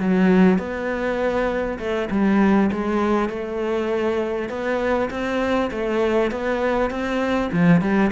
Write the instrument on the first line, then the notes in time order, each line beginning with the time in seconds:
cello
0.00 F#3
0.58 B3
1.79 A3
2.10 G3
2.72 G#3
3.29 A3
4.49 B3
5.10 C4
5.71 A3
6.31 B3
6.90 C4
7.52 F3
7.81 G3